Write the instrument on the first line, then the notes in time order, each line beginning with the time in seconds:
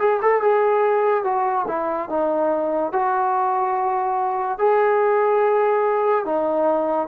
trombone
0.00 G#4
0.22 A4
0.42 G#4
1.24 F#4
1.68 E4
2.09 D#4
2.93 F#4
4.59 G#4
6.25 D#4